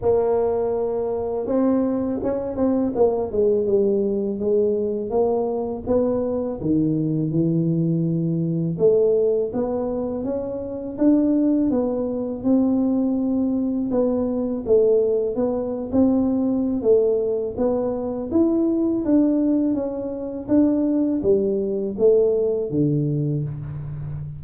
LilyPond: \new Staff \with { instrumentName = "tuba" } { \time 4/4 \tempo 4 = 82 ais2 c'4 cis'8 c'8 | ais8 gis8 g4 gis4 ais4 | b4 dis4 e2 | a4 b4 cis'4 d'4 |
b4 c'2 b4 | a4 b8. c'4~ c'16 a4 | b4 e'4 d'4 cis'4 | d'4 g4 a4 d4 | }